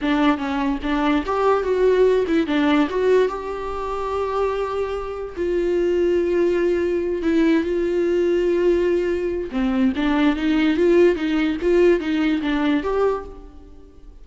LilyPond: \new Staff \with { instrumentName = "viola" } { \time 4/4 \tempo 4 = 145 d'4 cis'4 d'4 g'4 | fis'4. e'8 d'4 fis'4 | g'1~ | g'4 f'2.~ |
f'4. e'4 f'4.~ | f'2. c'4 | d'4 dis'4 f'4 dis'4 | f'4 dis'4 d'4 g'4 | }